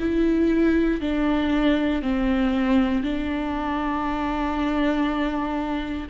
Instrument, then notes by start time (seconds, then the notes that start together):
viola
0.00 E4
1.01 D4
2.02 C4
3.04 D4